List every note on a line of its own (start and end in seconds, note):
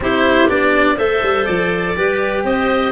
0.00 0.48 C4
0.00 0.48 E4
0.00 0.96 G4
0.00 0.49 C5
0.48 0.97 B3
0.48 0.97 D4
0.48 0.98 D5
0.96 1.22 A3
0.96 1.95 A4
0.96 1.94 C5
0.96 1.45 E5
1.22 1.46 G3
1.45 1.96 F3
1.45 2.43 D5
1.96 2.44 G3
1.96 2.92 G4
1.96 2.44 B4
2.44 2.92 C4
2.44 2.92 C5
2.44 2.92 D#5